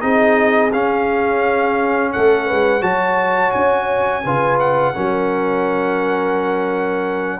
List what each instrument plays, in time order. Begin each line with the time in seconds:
0.00 tuba C4, trombone D#4, horn G#4, trumpet D#5
0.73 tuba C#4, trombone C#4, trumpet F5
2.12 tuba A3, horn A4, trumpet F#5
2.46 tuba G#3, horn B4
2.81 tuba F#3, trombone F#4, horn C#5, trumpet A5
3.52 tuba C#4, trumpet G#5
4.24 tuba C#3, trombone F4, horn B4
4.59 trumpet F#5
4.94 tuba F#3, trombone C#4, horn A#4